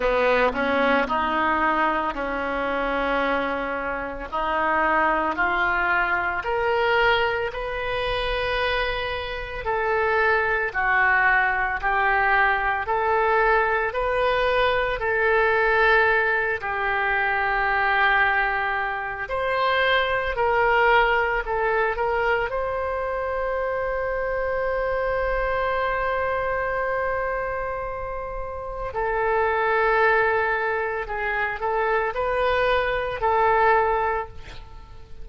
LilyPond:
\new Staff \with { instrumentName = "oboe" } { \time 4/4 \tempo 4 = 56 b8 cis'8 dis'4 cis'2 | dis'4 f'4 ais'4 b'4~ | b'4 a'4 fis'4 g'4 | a'4 b'4 a'4. g'8~ |
g'2 c''4 ais'4 | a'8 ais'8 c''2.~ | c''2. a'4~ | a'4 gis'8 a'8 b'4 a'4 | }